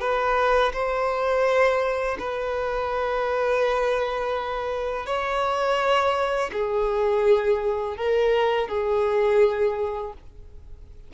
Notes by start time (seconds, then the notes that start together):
0.00 B4
0.73 C5
2.19 B4
5.06 C#5
6.53 G#4
7.97 A#4
8.68 G#4